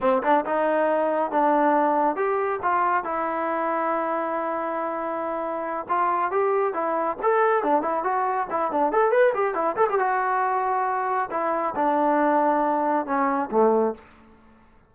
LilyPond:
\new Staff \with { instrumentName = "trombone" } { \time 4/4 \tempo 4 = 138 c'8 d'8 dis'2 d'4~ | d'4 g'4 f'4 e'4~ | e'1~ | e'4. f'4 g'4 e'8~ |
e'8 a'4 d'8 e'8 fis'4 e'8 | d'8 a'8 b'8 g'8 e'8 a'16 g'16 fis'4~ | fis'2 e'4 d'4~ | d'2 cis'4 a4 | }